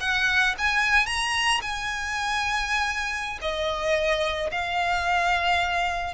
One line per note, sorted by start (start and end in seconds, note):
0.00 0.55 F#5
0.58 1.06 G#5
1.06 1.60 A#5
1.61 3.39 G#5
3.41 4.50 D#5
4.51 6.13 F5